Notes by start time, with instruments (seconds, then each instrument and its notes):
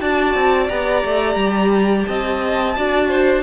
0.00 cello D4, viola F#4, violin D5 A5
0.35 cello C4
0.69 cello B3, viola G4, violin A#5
1.05 cello A3
1.35 cello G3
2.06 cello C4, violin D#5 A5
2.76 cello D4, viola F#4, violin D5
3.09 violin C5